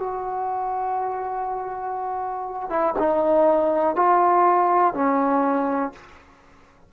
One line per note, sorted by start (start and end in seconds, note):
0.00 2.70 F#4
2.70 2.95 E4
2.99 3.96 D#4
3.96 4.94 F4
4.94 5.93 C#4